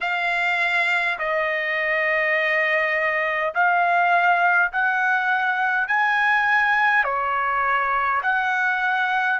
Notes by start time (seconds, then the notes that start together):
0.01 F5
1.18 D#5
3.54 F5
4.72 F#5
5.87 G#5
7.04 C#5
8.22 F#5